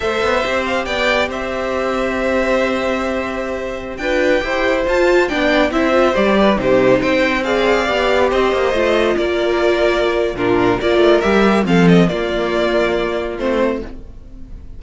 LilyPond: <<
  \new Staff \with { instrumentName = "violin" } { \time 4/4 \tempo 4 = 139 e''4. f''8 g''4 e''4~ | e''1~ | e''4~ e''16 g''2 a''8.~ | a''16 g''4 e''4 d''4 c''8.~ |
c''16 g''4 f''2 dis''8.~ | dis''4~ dis''16 d''2~ d''8. | ais'4 d''4 e''4 f''8 dis''8 | d''2. c''4 | }
  \new Staff \with { instrumentName = "violin" } { \time 4/4 c''2 d''4 c''4~ | c''1~ | c''4~ c''16 b'4 c''4.~ c''16~ | c''16 d''4 c''4. b'8 g'8.~ |
g'16 c''4 d''2 c''8.~ | c''4~ c''16 ais'2~ ais'8. | f'4 ais'2 a'4 | f'1 | }
  \new Staff \with { instrumentName = "viola" } { \time 4/4 a'4 g'2.~ | g'1~ | g'4~ g'16 f'4 g'4 f'8.~ | f'16 d'4 e'8 f'8 g'4 dis'8.~ |
dis'4~ dis'16 gis'4 g'4.~ g'16~ | g'16 f'2.~ f'8. | d'4 f'4 g'4 c'4 | ais2. c'4 | }
  \new Staff \with { instrumentName = "cello" } { \time 4/4 a8 b8 c'4 b4 c'4~ | c'1~ | c'4~ c'16 d'4 e'4 f'8.~ | f'16 b4 c'4 g4 c8.~ |
c16 c'2 b4 c'8 ais16~ | ais16 a4 ais2~ ais8. | ais,4 ais8 a8 g4 f4 | ais2. a4 | }
>>